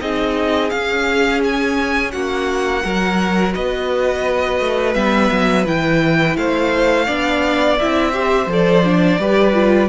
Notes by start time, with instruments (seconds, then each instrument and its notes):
0.00 cello C4, viola D#4, violin G#4 D#5
0.70 cello C#4, viola C#4, violin F5
1.44 violin G#5
2.11 cello A#3, violin F#4 F#5
2.84 cello F#3, viola F#4, violin A#4
3.54 cello B3, violin B4 D#5
4.60 cello A3
4.94 cello G3, viola B3, violin E5
5.31 cello F#3
5.66 cello E3, viola E4, violin G5
6.36 cello A3, violin C5 F5
7.06 cello B3, viola D4, violin D5
7.79 cello C4, viola E4, violin E5
8.13 viola G4, violin C5
8.46 cello F3, viola A4
8.53 violin D5
8.84 viola D4
9.19 cello G3, viola G4, violin B4
9.54 viola F4